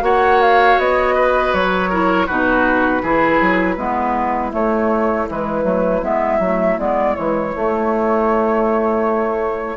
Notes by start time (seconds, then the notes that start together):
0.00 A#3 F#4 C#5 F#5
0.42 F5
0.79 B3 D#5
1.15 B4
1.54 F#3 C#5
1.90 E4 A#4
2.27 B2 D#4 F#4 B4
3.03 E3 E4 G#4
3.41 F#3
3.76 G#3 B3 E4
4.52 A3 C#5
5.30 E3 G#3 B4
5.64 F#3 A3
6.02 G#3 B3 E5
6.40 F#3 A3
6.79 G#3 B3 D5
7.15 E3 G#3 C#5
7.56 A3